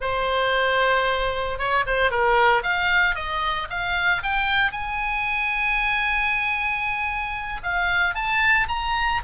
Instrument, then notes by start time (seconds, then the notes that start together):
oboe
0.00 C5
1.58 C#5
1.86 C5
2.11 A#4
2.62 F5
3.15 D#5
3.70 F5
4.22 G5
4.71 G#5
7.63 F5
8.14 A5
8.68 A#5